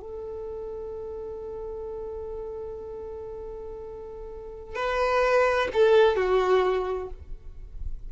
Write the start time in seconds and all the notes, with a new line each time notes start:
0.00 A4
4.75 B4
5.73 A4
6.16 F#4